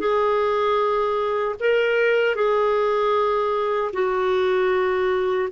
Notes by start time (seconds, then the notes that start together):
0.00 G#4
1.60 A#4
2.36 G#4
3.94 F#4